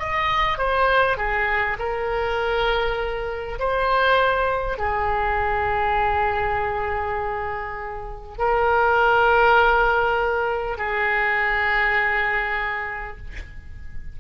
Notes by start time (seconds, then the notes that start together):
0.00 D#5
0.59 C5
1.18 G#4
1.79 A#4
3.59 C5
4.78 G#4
8.38 A#4
10.78 G#4